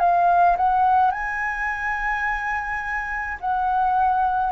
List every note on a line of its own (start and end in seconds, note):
0.00 0.57 F5
0.57 1.11 F#5
1.11 3.38 G#5
3.41 4.52 F#5